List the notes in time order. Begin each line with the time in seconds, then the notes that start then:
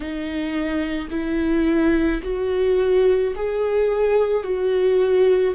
0.00 D#4
1.10 E4
2.22 F#4
3.35 G#4
4.43 F#4